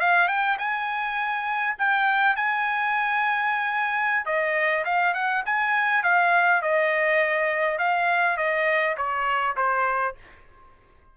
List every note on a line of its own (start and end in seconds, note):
0.00 0.28 F5
0.28 0.57 G5
0.58 1.76 G#5
1.78 2.36 G5
2.36 4.25 G#5
4.25 4.84 D#5
4.85 5.14 F5
5.14 5.44 F#5
5.46 6.03 G#5
6.03 6.62 F5
6.62 7.78 D#5
7.78 8.37 F5
8.37 8.96 D#5
8.97 9.56 C#5
9.56 10.15 C5